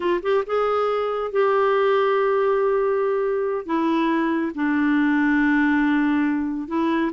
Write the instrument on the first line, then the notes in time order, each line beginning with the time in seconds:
clarinet
0.00 F4
0.22 G4
0.46 G#4
1.31 G4
3.66 E4
4.54 D4
6.68 E4